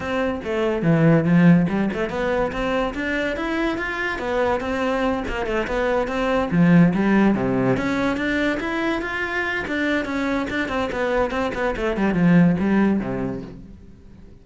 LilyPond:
\new Staff \with { instrumentName = "cello" } { \time 4/4 \tempo 4 = 143 c'4 a4 e4 f4 | g8 a8 b4 c'4 d'4 | e'4 f'4 b4 c'4~ | c'8 ais8 a8 b4 c'4 f8~ |
f8 g4 c4 cis'4 d'8~ | d'8 e'4 f'4. d'4 | cis'4 d'8 c'8 b4 c'8 b8 | a8 g8 f4 g4 c4 | }